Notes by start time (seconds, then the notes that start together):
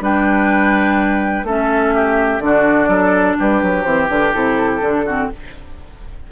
0.00 G3 D4 B4 G5
1.43 A3 C#4 A4 E5
1.94 G4
2.40 D3 D4 F#4 D5
2.88 F#3 A4
3.39 G3 G4 B4
3.62 F#3
3.83 E3 C4 C5
4.09 D3 D4 B4
4.33 C3 E4 A4
4.81 D3 D4
5.05 C4 F#4